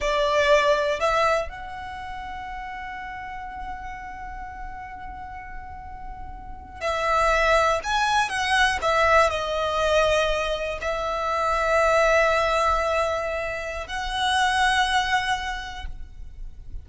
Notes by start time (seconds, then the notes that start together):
0.00 D5
1.00 E5
1.49 F#5
6.80 E5
7.83 G#5
8.29 F#5
8.82 E5
9.30 D#5
10.81 E5
13.87 F#5